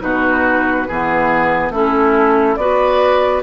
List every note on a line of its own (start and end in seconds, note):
0.00 0.88 B2
0.00 0.86 D#4
0.00 0.88 F#4
0.00 1.72 B4
0.88 1.70 E3
0.88 1.72 B3
0.88 1.73 G#4
1.70 2.56 A3
1.70 2.58 C#4
1.70 2.58 E4
1.70 2.56 A4
2.56 3.42 B3
2.56 3.43 F#4
2.56 3.43 B4
2.56 3.42 D5